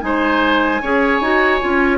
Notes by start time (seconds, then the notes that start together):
0.00 G#3 D#4 C5 G#5
0.82 C#4 G#4 C#5
1.20 D#4 F#4
1.61 C#4 F4